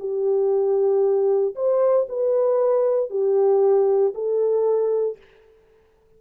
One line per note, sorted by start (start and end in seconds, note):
0.00 1.55 G4
1.56 2.07 C5
2.09 3.10 B4
3.10 4.14 G4
4.15 5.18 A4